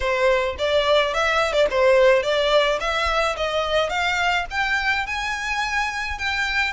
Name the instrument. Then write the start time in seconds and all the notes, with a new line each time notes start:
violin
0.00 C5
0.58 D5
1.14 E5
1.52 D5
1.70 C5
2.23 D5
2.79 E5
3.36 D#5
3.89 F5
4.50 G5
5.06 G#5
6.18 G5